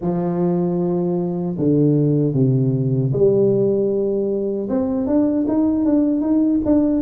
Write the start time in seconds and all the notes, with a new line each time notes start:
0.01 F3
1.58 D3
2.34 C3
3.12 G3
4.69 C4
5.06 D4
5.48 D#4
5.85 D4
6.21 D#4
6.64 D4